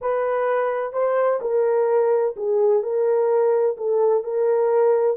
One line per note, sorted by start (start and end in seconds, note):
0.01 0.93 B4
0.93 1.39 C5
1.41 2.35 A#4
2.36 2.83 G#4
2.83 3.76 A#4
3.77 4.23 A4
4.23 5.17 A#4